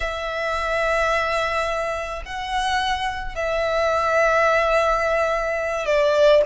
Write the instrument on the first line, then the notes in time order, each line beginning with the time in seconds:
violin
0.00 E5
2.25 F#5
3.35 E5
5.85 D5